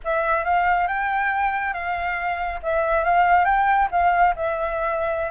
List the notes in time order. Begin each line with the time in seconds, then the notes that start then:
0.04 E5
0.44 F5
0.87 G5
1.73 F5
2.62 E5
3.04 F5
3.45 G5
3.91 F5
4.35 E5